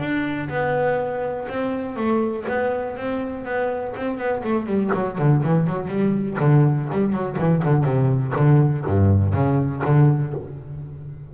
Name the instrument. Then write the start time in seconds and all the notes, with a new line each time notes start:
double bass
0.00 D4
0.50 B3
1.49 C4
1.96 A3
2.49 B3
2.97 C4
3.45 B3
3.97 C4
4.18 B3
4.44 A3
4.67 G3
4.94 F#3
5.19 D3
5.44 E3
5.67 F#3
5.88 G3
6.40 D3
6.92 G3
7.13 F#3
7.39 E3
7.65 D3
7.85 C3
8.36 D3
8.87 G2
9.34 C#3
9.85 D3